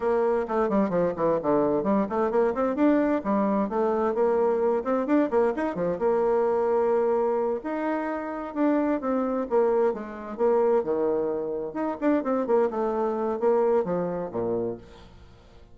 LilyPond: \new Staff \with { instrumentName = "bassoon" } { \time 4/4 \tempo 4 = 130 ais4 a8 g8 f8 e8 d4 | g8 a8 ais8 c'8 d'4 g4 | a4 ais4. c'8 d'8 ais8 | dis'8 f8 ais2.~ |
ais8 dis'2 d'4 c'8~ | c'8 ais4 gis4 ais4 dis8~ | dis4. dis'8 d'8 c'8 ais8 a8~ | a4 ais4 f4 ais,4 | }